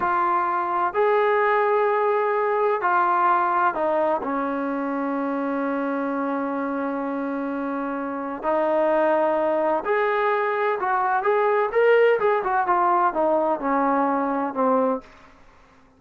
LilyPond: \new Staff \with { instrumentName = "trombone" } { \time 4/4 \tempo 4 = 128 f'2 gis'2~ | gis'2 f'2 | dis'4 cis'2.~ | cis'1~ |
cis'2 dis'2~ | dis'4 gis'2 fis'4 | gis'4 ais'4 gis'8 fis'8 f'4 | dis'4 cis'2 c'4 | }